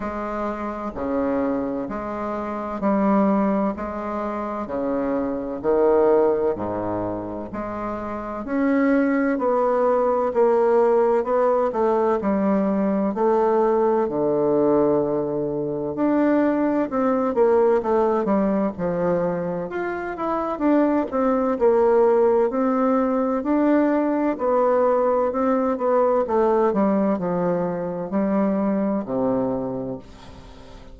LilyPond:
\new Staff \with { instrumentName = "bassoon" } { \time 4/4 \tempo 4 = 64 gis4 cis4 gis4 g4 | gis4 cis4 dis4 gis,4 | gis4 cis'4 b4 ais4 | b8 a8 g4 a4 d4~ |
d4 d'4 c'8 ais8 a8 g8 | f4 f'8 e'8 d'8 c'8 ais4 | c'4 d'4 b4 c'8 b8 | a8 g8 f4 g4 c4 | }